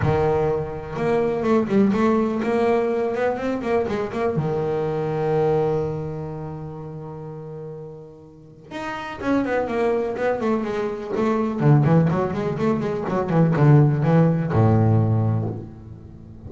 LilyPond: \new Staff \with { instrumentName = "double bass" } { \time 4/4 \tempo 4 = 124 dis2 ais4 a8 g8 | a4 ais4. b8 c'8 ais8 | gis8 ais8 dis2.~ | dis1~ |
dis2 dis'4 cis'8 b8 | ais4 b8 a8 gis4 a4 | d8 e8 fis8 gis8 a8 gis8 fis8 e8 | d4 e4 a,2 | }